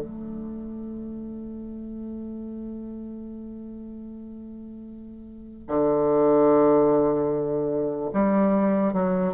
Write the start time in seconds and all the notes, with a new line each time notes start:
0.00 A3
5.68 D3
8.13 G3
8.93 F#3